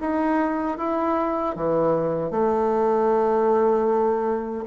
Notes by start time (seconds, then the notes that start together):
0.00 D#4
0.77 E4
1.55 E3
2.31 A3